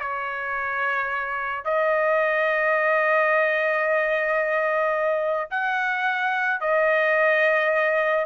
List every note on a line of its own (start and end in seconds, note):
0.00 1.65 C#5
1.65 5.50 D#5
5.51 6.61 F#5
6.61 8.26 D#5